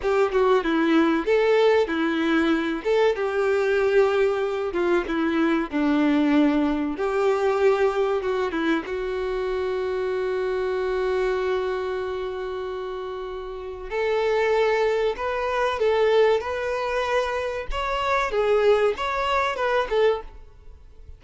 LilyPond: \new Staff \with { instrumentName = "violin" } { \time 4/4 \tempo 4 = 95 g'8 fis'8 e'4 a'4 e'4~ | e'8 a'8 g'2~ g'8 f'8 | e'4 d'2 g'4~ | g'4 fis'8 e'8 fis'2~ |
fis'1~ | fis'2 a'2 | b'4 a'4 b'2 | cis''4 gis'4 cis''4 b'8 a'8 | }